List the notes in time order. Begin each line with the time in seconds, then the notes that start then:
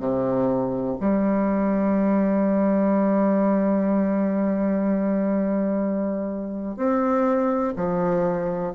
0.00 C3
1.01 G3
6.77 C4
7.76 F3